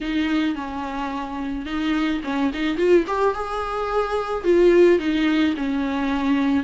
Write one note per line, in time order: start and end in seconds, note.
0.01 0.55 D#4
0.55 1.65 C#4
1.65 2.21 D#4
2.23 2.51 C#4
2.53 2.77 D#4
2.77 3.05 F4
3.07 3.34 G4
3.34 4.44 G#4
4.44 4.98 F4
4.98 5.54 D#4
5.56 6.63 C#4